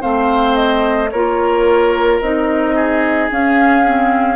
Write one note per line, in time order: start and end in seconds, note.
0.00 1.13 A3
0.00 1.09 C4
0.00 1.10 C5
0.00 0.56 F5
0.56 1.10 D#5
1.11 2.21 A#3
1.11 2.23 F4
1.11 2.75 A#4
1.11 2.20 C#5
2.21 3.30 C4
2.21 3.30 D#4
2.21 3.30 D#5
2.75 4.36 G#4
3.30 3.85 C#4
3.30 4.36 C#4
3.30 4.36 F5
3.85 4.36 C4